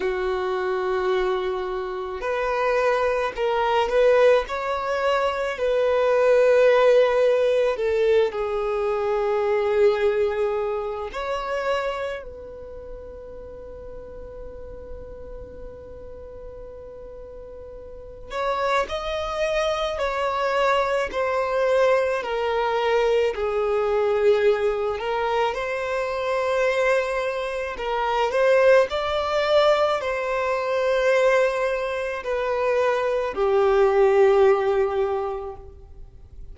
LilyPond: \new Staff \with { instrumentName = "violin" } { \time 4/4 \tempo 4 = 54 fis'2 b'4 ais'8 b'8 | cis''4 b'2 a'8 gis'8~ | gis'2 cis''4 b'4~ | b'1~ |
b'8 cis''8 dis''4 cis''4 c''4 | ais'4 gis'4. ais'8 c''4~ | c''4 ais'8 c''8 d''4 c''4~ | c''4 b'4 g'2 | }